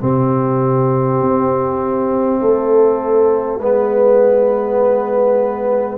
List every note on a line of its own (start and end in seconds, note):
0.00 1.21 C3
0.00 3.60 C4
0.00 2.41 G4
0.00 5.99 E5
1.21 2.41 C4
2.41 3.61 A3
2.41 3.60 A4
3.60 5.99 G#3
3.60 5.99 B3
3.60 5.99 B4